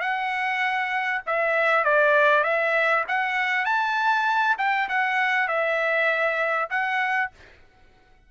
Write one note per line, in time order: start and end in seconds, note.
0.00 1.21 F#5
1.26 1.84 E5
1.84 2.43 D5
2.43 3.04 E5
3.07 3.65 F#5
3.65 4.56 A5
4.58 4.88 G5
4.88 5.48 F#5
5.48 6.69 E5
6.70 7.31 F#5